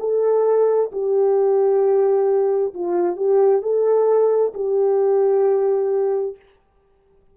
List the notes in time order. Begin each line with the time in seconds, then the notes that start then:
0.00 A4
0.93 G4
2.75 F4
3.17 G4
3.62 A4
4.55 G4